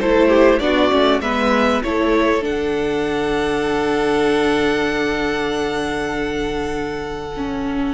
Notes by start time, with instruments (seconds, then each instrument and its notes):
0.00 cello A3, viola E4, violin A4 C5
0.28 violin G4
0.59 cello B3, viola D4, violin F#4 D5
0.91 cello A3, viola C#4
1.20 cello G#3, viola B3, violin B4 E5
1.83 cello A3, viola E4, violin A4 C#5
2.41 cello D3, viola D4, violin F#5
7.36 viola C#4